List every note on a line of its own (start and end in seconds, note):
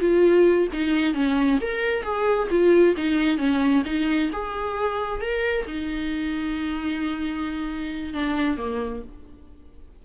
0.00 0.68 F4
0.73 1.14 D#4
1.14 1.59 C#4
1.61 2.03 A#4
2.03 2.48 G#4
2.50 2.95 F4
2.97 3.38 D#4
3.38 3.83 C#4
3.85 4.30 D#4
4.32 5.21 G#4
5.21 5.66 A#4
5.67 8.14 D#4
8.14 8.58 D4
8.58 9.03 A#3